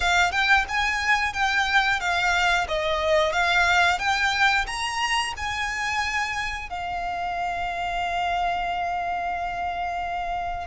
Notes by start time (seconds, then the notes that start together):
0.00 F5
0.32 G5
0.68 G#5
1.33 G5
2.00 F5
2.68 D#5
3.32 F5
3.98 G5
4.67 A#5
5.36 G#5
6.69 F5